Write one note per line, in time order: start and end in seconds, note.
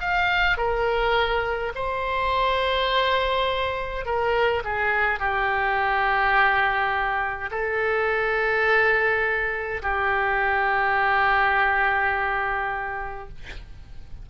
0.00 0.57 F5
0.57 1.73 A#4
1.75 4.05 C5
4.05 4.63 A#4
4.64 5.19 G#4
5.19 7.50 G4
7.51 9.81 A4
9.82 13.28 G4